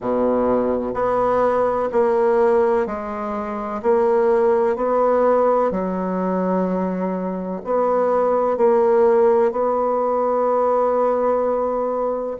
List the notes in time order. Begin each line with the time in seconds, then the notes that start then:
0.00 B2
0.94 B3
1.91 A#3
2.86 G#3
3.82 A#3
4.76 B3
5.71 F#3
7.64 B3
8.57 A#3
9.51 B3